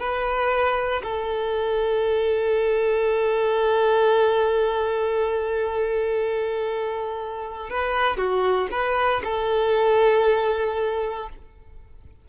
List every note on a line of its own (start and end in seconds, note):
0.00 1.03 B4
1.03 7.70 A4
7.70 8.17 B4
8.17 8.69 F#4
8.71 9.23 B4
9.24 11.30 A4